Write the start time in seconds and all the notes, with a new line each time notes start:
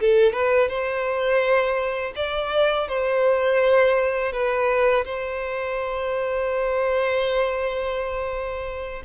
0.00 A4
0.33 B4
0.68 C5
2.16 D5
2.88 C5
4.32 B4
5.05 C5